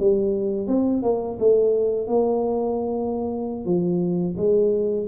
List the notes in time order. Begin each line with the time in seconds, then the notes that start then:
0.00 G3
0.68 C4
1.03 A#3
1.40 A3
2.08 A#3
3.65 F3
4.37 G#3